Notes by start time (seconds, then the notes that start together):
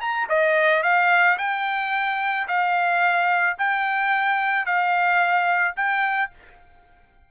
0.00 A#5
0.29 D#5
0.83 F5
1.38 G5
2.47 F5
3.58 G5
4.65 F5
5.76 G5